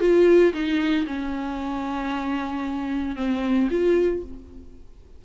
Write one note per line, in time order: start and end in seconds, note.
0.00 0.53 F4
0.53 1.06 D#4
1.06 3.16 C#4
3.16 3.68 C4
3.70 4.23 F4